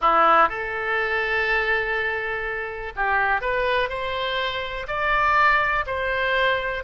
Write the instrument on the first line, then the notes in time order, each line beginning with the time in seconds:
oboe
0.01 E4
0.49 A4
2.95 G4
3.41 B4
3.89 C5
4.87 D5
5.86 C5